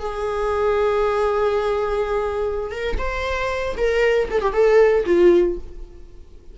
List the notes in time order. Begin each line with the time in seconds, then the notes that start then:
0.00 G#4
2.72 A#4
2.99 C5
3.78 A#4
4.31 A4
4.42 G4
4.53 A4
5.06 F4